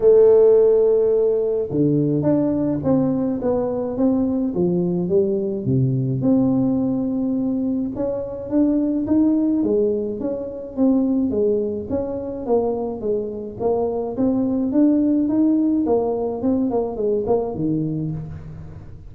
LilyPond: \new Staff \with { instrumentName = "tuba" } { \time 4/4 \tempo 4 = 106 a2. d4 | d'4 c'4 b4 c'4 | f4 g4 c4 c'4~ | c'2 cis'4 d'4 |
dis'4 gis4 cis'4 c'4 | gis4 cis'4 ais4 gis4 | ais4 c'4 d'4 dis'4 | ais4 c'8 ais8 gis8 ais8 dis4 | }